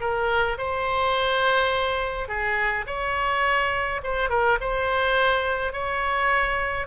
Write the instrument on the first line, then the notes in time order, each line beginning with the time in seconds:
oboe
0.00 A#4
0.57 C5
2.28 G#4
2.86 C#5
4.03 C5
4.29 A#4
4.60 C5
5.72 C#5